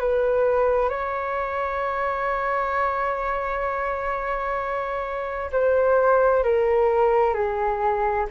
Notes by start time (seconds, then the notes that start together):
0.00 B4
0.90 C#5
5.53 C5
6.44 A#4
7.34 G#4